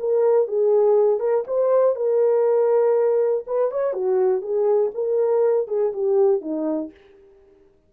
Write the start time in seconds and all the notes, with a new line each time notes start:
0.00 A#4
0.48 G#4
1.20 A#4
1.47 C5
1.96 A#4
3.47 B4
3.72 C#5
3.94 F#4
4.42 G#4
4.95 A#4
5.68 G#4
5.93 G4
6.42 D#4